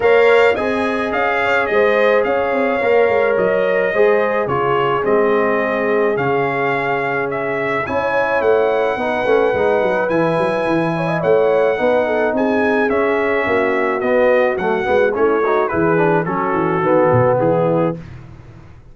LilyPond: <<
  \new Staff \with { instrumentName = "trumpet" } { \time 4/4 \tempo 4 = 107 f''4 gis''4 f''4 dis''4 | f''2 dis''2 | cis''4 dis''2 f''4~ | f''4 e''4 gis''4 fis''4~ |
fis''2 gis''2 | fis''2 gis''4 e''4~ | e''4 dis''4 fis''4 cis''4 | b'4 a'2 gis'4 | }
  \new Staff \with { instrumentName = "horn" } { \time 4/4 cis''4 dis''4. cis''8 c''4 | cis''2. c''4 | gis'1~ | gis'2 cis''2 |
b'2.~ b'8 cis''16 dis''16 | cis''4 b'8 a'8 gis'2 | fis'2. e'8 fis'8 | gis'4 fis'2 e'4 | }
  \new Staff \with { instrumentName = "trombone" } { \time 4/4 ais'4 gis'2.~ | gis'4 ais'2 gis'4 | f'4 c'2 cis'4~ | cis'2 e'2 |
dis'8 cis'8 dis'4 e'2~ | e'4 dis'2 cis'4~ | cis'4 b4 a8 b8 cis'8 dis'8 | e'8 d'8 cis'4 b2 | }
  \new Staff \with { instrumentName = "tuba" } { \time 4/4 ais4 c'4 cis'4 gis4 | cis'8 c'8 ais8 gis8 fis4 gis4 | cis4 gis2 cis4~ | cis2 cis'4 a4 |
b8 a8 gis8 fis8 e8 fis8 e4 | a4 b4 c'4 cis'4 | ais4 b4 fis8 gis8 a4 | e4 fis8 e8 dis8 b,8 e4 | }
>>